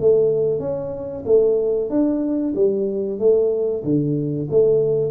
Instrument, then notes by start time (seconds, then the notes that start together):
tuba
0.00 A3
0.60 C#4
1.26 A3
1.90 D4
2.55 G3
3.19 A3
3.84 D3
4.50 A3